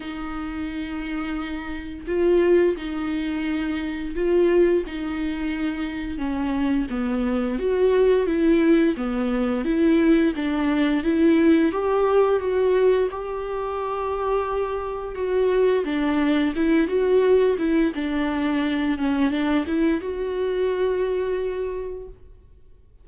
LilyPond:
\new Staff \with { instrumentName = "viola" } { \time 4/4 \tempo 4 = 87 dis'2. f'4 | dis'2 f'4 dis'4~ | dis'4 cis'4 b4 fis'4 | e'4 b4 e'4 d'4 |
e'4 g'4 fis'4 g'4~ | g'2 fis'4 d'4 | e'8 fis'4 e'8 d'4. cis'8 | d'8 e'8 fis'2. | }